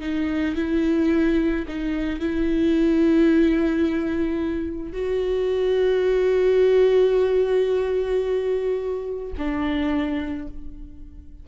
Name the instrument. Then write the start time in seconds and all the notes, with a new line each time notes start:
viola
0.00 D#4
0.55 E4
1.68 D#4
2.19 E4
4.92 F#4
9.38 D4